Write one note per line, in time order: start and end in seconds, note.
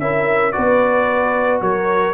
0.00 0.55 C#4
0.00 0.53 E4
0.00 0.55 A#4
0.00 0.52 E5
0.52 1.62 B3
0.52 2.15 F#4
0.52 1.62 B4
0.52 1.60 D5
1.62 2.15 F#3
1.62 2.15 A#4
1.62 2.15 C#5